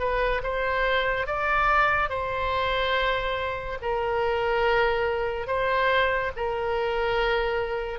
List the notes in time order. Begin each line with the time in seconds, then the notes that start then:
0.00 B4
0.43 C5
1.27 D5
2.10 C5
3.82 A#4
5.47 C5
6.37 A#4